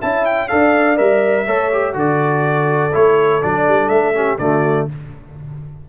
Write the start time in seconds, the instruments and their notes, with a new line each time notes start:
0.00 tuba C#4, trombone E4, horn E5, trumpet A5
0.25 trumpet G5
0.48 tuba D4, trombone A4, horn D5, trumpet F5
0.96 tuba G3, trombone A#4, trumpet E5
1.46 tuba A3, trombone A4, horn C#5
1.72 trombone G4
1.93 tuba D3, trombone F#4, horn A4, trumpet D5
2.93 tuba A3, trombone E4, trumpet C#5
3.42 tuba F#3, trombone D4, trumpet D5
3.68 tuba G3
3.88 tuba A3, trumpet E5
4.14 trombone C#4, horn G4
4.38 tuba D3, trombone A3, horn F#4, trumpet D5